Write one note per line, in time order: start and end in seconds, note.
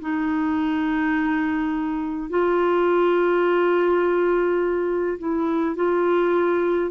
0.00 2.29 D#4
2.29 5.18 F4
5.18 5.75 E4
5.75 6.90 F4